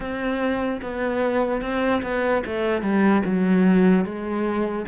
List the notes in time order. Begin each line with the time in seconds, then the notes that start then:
0.00 C4
0.81 B3
1.61 C4
2.02 B3
2.45 A3
2.82 G3
3.25 F#3
4.04 G#3